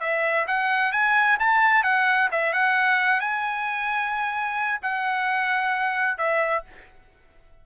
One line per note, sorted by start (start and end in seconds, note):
0.00 0.46 E5
0.47 0.92 F#5
0.92 1.38 G#5
1.39 1.83 A5
1.83 2.29 F#5
2.31 2.53 E5
2.53 3.20 F#5
3.20 4.80 G#5
4.82 6.17 F#5
6.17 6.63 E5